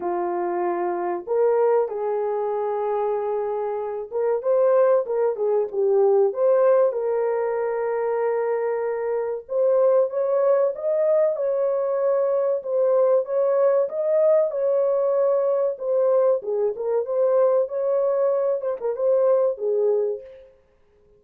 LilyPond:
\new Staff \with { instrumentName = "horn" } { \time 4/4 \tempo 4 = 95 f'2 ais'4 gis'4~ | gis'2~ gis'8 ais'8 c''4 | ais'8 gis'8 g'4 c''4 ais'4~ | ais'2. c''4 |
cis''4 dis''4 cis''2 | c''4 cis''4 dis''4 cis''4~ | cis''4 c''4 gis'8 ais'8 c''4 | cis''4. c''16 ais'16 c''4 gis'4 | }